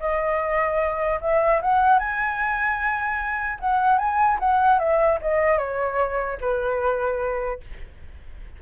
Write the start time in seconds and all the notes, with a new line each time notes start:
0.00 D#5
1.22 E5
1.62 F#5
1.99 G#5
3.60 F#5
3.99 G#5
4.40 F#5
4.79 E5
5.22 D#5
5.59 C#5
6.41 B4